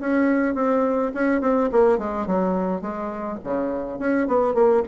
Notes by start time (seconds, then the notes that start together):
0.00 C#4
0.55 C4
1.14 C#4
1.41 C4
1.72 A#3
1.98 G#3
2.26 F#3
2.81 G#3
3.44 C#3
3.99 C#4
4.27 B3
4.54 A#3